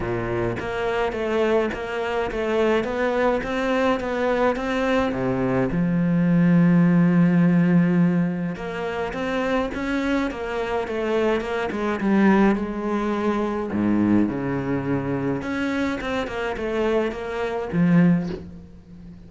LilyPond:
\new Staff \with { instrumentName = "cello" } { \time 4/4 \tempo 4 = 105 ais,4 ais4 a4 ais4 | a4 b4 c'4 b4 | c'4 c4 f2~ | f2. ais4 |
c'4 cis'4 ais4 a4 | ais8 gis8 g4 gis2 | gis,4 cis2 cis'4 | c'8 ais8 a4 ais4 f4 | }